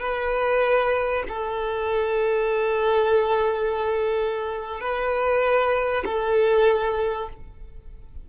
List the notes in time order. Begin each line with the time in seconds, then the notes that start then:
0.00 B4
1.29 A4
4.81 B4
6.06 A4